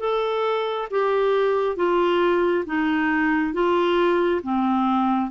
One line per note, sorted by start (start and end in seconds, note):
0.00 0.88 A4
0.91 1.76 G4
1.76 2.65 F4
2.66 3.54 D#4
3.54 4.42 F4
4.43 5.31 C4